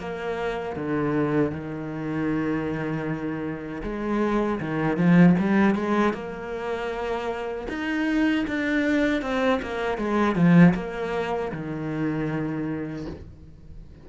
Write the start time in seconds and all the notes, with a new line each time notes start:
0.00 A#3
0.76 D3
1.52 D#3
3.84 G#3
4.61 D#3
4.97 F3
5.40 G3
5.76 G#3
6.14 A#3
7.69 D#4
8.48 D4
9.22 C4
9.63 A#3
9.98 G#3
10.36 F3
10.75 A#3
11.53 D#3